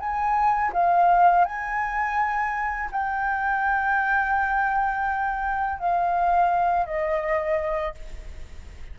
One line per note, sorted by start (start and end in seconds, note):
0.00 0.72 G#5
0.73 1.46 F5
1.46 2.90 G#5
2.92 5.80 G5
5.80 6.86 F5
6.86 7.95 D#5